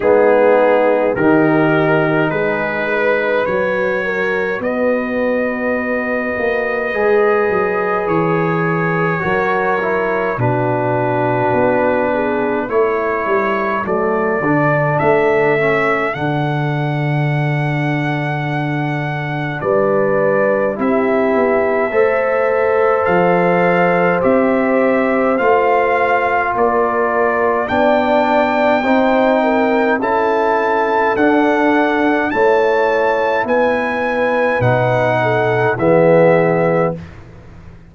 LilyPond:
<<
  \new Staff \with { instrumentName = "trumpet" } { \time 4/4 \tempo 4 = 52 gis'4 ais'4 b'4 cis''4 | dis''2. cis''4~ | cis''4 b'2 cis''4 | d''4 e''4 fis''2~ |
fis''4 d''4 e''2 | f''4 e''4 f''4 d''4 | g''2 a''4 fis''4 | a''4 gis''4 fis''4 e''4 | }
  \new Staff \with { instrumentName = "horn" } { \time 4/4 dis'4 g'4 gis'8 b'4 ais'8 | b'1 | ais'4 fis'4. gis'8 a'4~ | a'1~ |
a'4 b'4 g'4 c''4~ | c''2. ais'4 | d''4 c''8 ais'8 a'2 | cis''4 b'4. a'8 gis'4 | }
  \new Staff \with { instrumentName = "trombone" } { \time 4/4 b4 dis'2 fis'4~ | fis'2 gis'2 | fis'8 e'8 d'2 e'4 | a8 d'4 cis'8 d'2~ |
d'2 e'4 a'4~ | a'4 g'4 f'2 | d'4 dis'4 e'4 d'4 | e'2 dis'4 b4 | }
  \new Staff \with { instrumentName = "tuba" } { \time 4/4 gis4 dis4 gis4 fis4 | b4. ais8 gis8 fis8 e4 | fis4 b,4 b4 a8 g8 | fis8 d8 a4 d2~ |
d4 g4 c'8 b8 a4 | f4 c'4 a4 ais4 | b4 c'4 cis'4 d'4 | a4 b4 b,4 e4 | }
>>